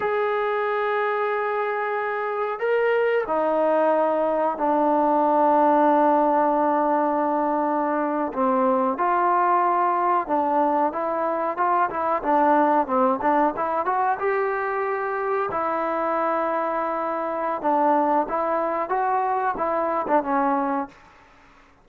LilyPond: \new Staff \with { instrumentName = "trombone" } { \time 4/4 \tempo 4 = 92 gis'1 | ais'4 dis'2 d'4~ | d'1~ | d'8. c'4 f'2 d'16~ |
d'8. e'4 f'8 e'8 d'4 c'16~ | c'16 d'8 e'8 fis'8 g'2 e'16~ | e'2. d'4 | e'4 fis'4 e'8. d'16 cis'4 | }